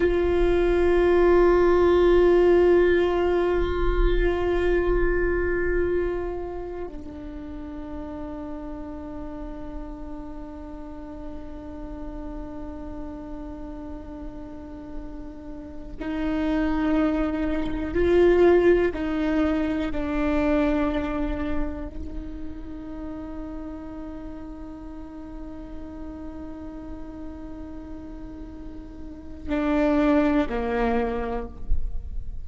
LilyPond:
\new Staff \with { instrumentName = "viola" } { \time 4/4 \tempo 4 = 61 f'1~ | f'2. d'4~ | d'1~ | d'1~ |
d'16 dis'2 f'4 dis'8.~ | dis'16 d'2 dis'4.~ dis'16~ | dis'1~ | dis'2 d'4 ais4 | }